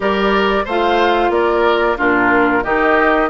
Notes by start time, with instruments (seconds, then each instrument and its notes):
0.00 bassoon G3, clarinet G4, oboe A#4, flute D5
0.64 bassoon A3, clarinet F4, oboe C5, flute F5
1.29 bassoon A#3, oboe A#4, flute D5
1.97 bassoon A#2, clarinet D4, oboe F4, flute A#4
2.63 bassoon D#3, clarinet D#4, oboe G4, flute D#5